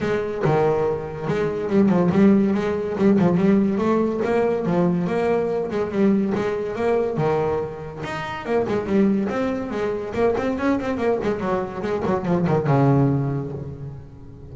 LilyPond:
\new Staff \with { instrumentName = "double bass" } { \time 4/4 \tempo 4 = 142 gis4 dis2 gis4 | g8 f8 g4 gis4 g8 f8 | g4 a4 ais4 f4 | ais4. gis8 g4 gis4 |
ais4 dis2 dis'4 | ais8 gis8 g4 c'4 gis4 | ais8 c'8 cis'8 c'8 ais8 gis8 fis4 | gis8 fis8 f8 dis8 cis2 | }